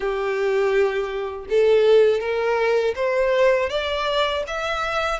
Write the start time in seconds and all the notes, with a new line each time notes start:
0.00 G4
1.49 A4
2.20 A#4
2.95 C5
3.69 D5
4.46 E5